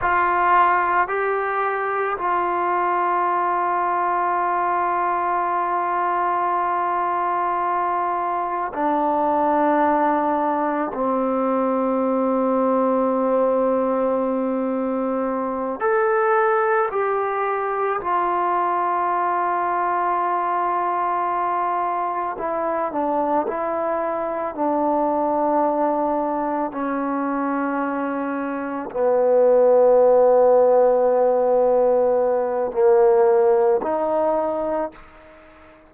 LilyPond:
\new Staff \with { instrumentName = "trombone" } { \time 4/4 \tempo 4 = 55 f'4 g'4 f'2~ | f'1 | d'2 c'2~ | c'2~ c'8 a'4 g'8~ |
g'8 f'2.~ f'8~ | f'8 e'8 d'8 e'4 d'4.~ | d'8 cis'2 b4.~ | b2 ais4 dis'4 | }